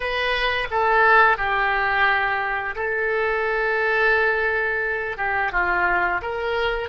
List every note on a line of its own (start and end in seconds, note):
0.00 0.68 B4
0.70 1.37 A4
1.37 2.75 G4
2.75 5.17 A4
5.17 5.51 G4
5.52 6.21 F4
6.21 6.89 A#4